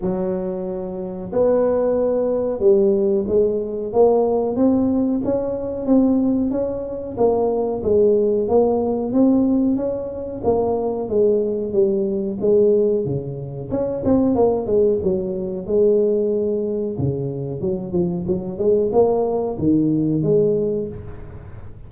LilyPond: \new Staff \with { instrumentName = "tuba" } { \time 4/4 \tempo 4 = 92 fis2 b2 | g4 gis4 ais4 c'4 | cis'4 c'4 cis'4 ais4 | gis4 ais4 c'4 cis'4 |
ais4 gis4 g4 gis4 | cis4 cis'8 c'8 ais8 gis8 fis4 | gis2 cis4 fis8 f8 | fis8 gis8 ais4 dis4 gis4 | }